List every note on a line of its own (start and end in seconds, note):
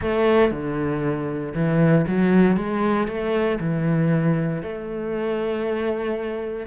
0.01 0.51 A3
0.51 1.53 D3
1.54 2.05 E3
2.07 2.56 F#3
2.56 3.07 G#3
3.07 3.59 A3
3.59 4.62 E3
4.62 6.66 A3